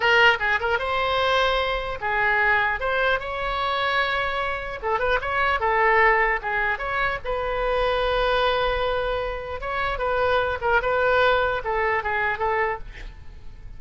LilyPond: \new Staff \with { instrumentName = "oboe" } { \time 4/4 \tempo 4 = 150 ais'4 gis'8 ais'8 c''2~ | c''4 gis'2 c''4 | cis''1 | a'8 b'8 cis''4 a'2 |
gis'4 cis''4 b'2~ | b'1 | cis''4 b'4. ais'8 b'4~ | b'4 a'4 gis'4 a'4 | }